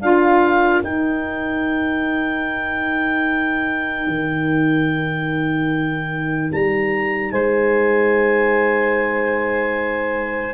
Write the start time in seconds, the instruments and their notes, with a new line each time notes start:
0.00 tuba D4, saxophone F4 A#4, clarinet F5
0.82 saxophone D#4, tuba D#4, clarinet G5
4.07 tuba D#3
6.52 tuba G3, clarinet A#5
7.31 tuba G#3, saxophone C5, clarinet G#5